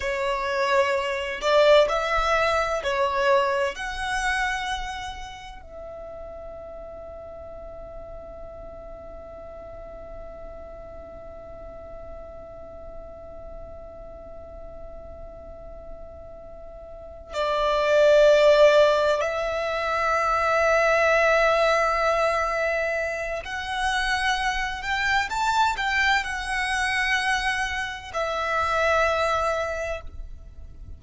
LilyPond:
\new Staff \with { instrumentName = "violin" } { \time 4/4 \tempo 4 = 64 cis''4. d''8 e''4 cis''4 | fis''2 e''2~ | e''1~ | e''1~ |
e''2~ e''8 d''4.~ | d''8 e''2.~ e''8~ | e''4 fis''4. g''8 a''8 g''8 | fis''2 e''2 | }